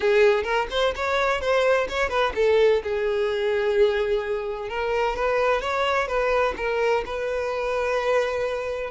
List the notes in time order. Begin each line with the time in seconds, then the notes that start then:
0.00 G#4
0.43 A#4
0.70 C5
0.95 C#5
1.40 C5
1.88 C#5
2.09 B4
2.35 A4
2.83 G#4
4.69 A#4
5.16 B4
5.61 C#5
6.07 B4
6.56 A#4
7.05 B4